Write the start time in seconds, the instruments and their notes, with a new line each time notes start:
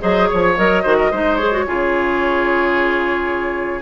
0.00 bassoon F#3, clarinet G#4, oboe C5, flute D#5
0.27 flute C#5, oboe C#5
0.34 bassoon F3
0.57 bassoon F#3, clarinet A#4, flute D#5
0.83 bassoon D#3, clarinet F#4, oboe C5
0.98 oboe A#4
1.11 bassoon G#3, clarinet D#4, oboe C5
1.36 clarinet G#4, flute C#5
1.52 clarinet F#4
1.67 bassoon C#3, clarinet F4, oboe G#4